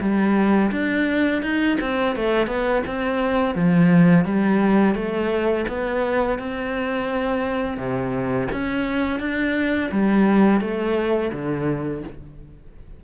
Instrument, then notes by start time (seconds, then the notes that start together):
cello
0.00 G3
0.71 D4
1.42 D#4
1.80 C4
2.15 A3
2.47 B3
2.86 C4
3.55 F3
4.24 G3
4.94 A3
5.68 B3
6.38 C4
7.77 C3
8.51 C#4
9.20 D4
9.91 G3
10.60 A3
11.32 D3